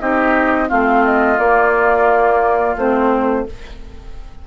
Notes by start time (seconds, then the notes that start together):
0.00 C4 D#4 G4 D#5
0.68 A3 C4 F4 F5
1.04 D#5
1.38 A#3 D5
2.77 A3 C4 C5